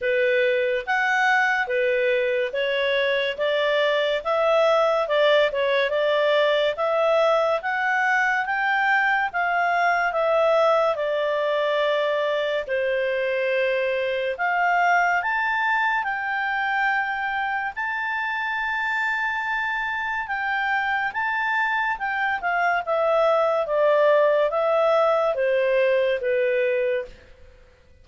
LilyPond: \new Staff \with { instrumentName = "clarinet" } { \time 4/4 \tempo 4 = 71 b'4 fis''4 b'4 cis''4 | d''4 e''4 d''8 cis''8 d''4 | e''4 fis''4 g''4 f''4 | e''4 d''2 c''4~ |
c''4 f''4 a''4 g''4~ | g''4 a''2. | g''4 a''4 g''8 f''8 e''4 | d''4 e''4 c''4 b'4 | }